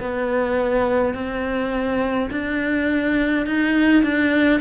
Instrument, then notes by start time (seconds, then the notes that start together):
cello
0.00 B3
1.15 C4
2.31 D4
3.47 D#4
4.03 D4